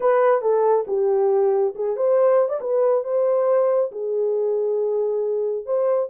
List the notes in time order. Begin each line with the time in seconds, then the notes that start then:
0.00 B4
0.41 A4
0.87 G4
1.75 G#4
1.96 C5
2.48 D5
2.60 B4
3.03 C5
3.91 G#4
5.65 C5